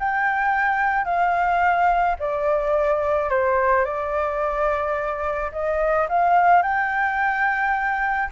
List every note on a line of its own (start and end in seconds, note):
0.00 1.05 G5
1.05 2.16 F5
2.20 3.30 D5
3.30 3.85 C5
3.85 5.52 D5
5.53 6.08 D#5
6.09 6.63 F5
6.63 8.30 G5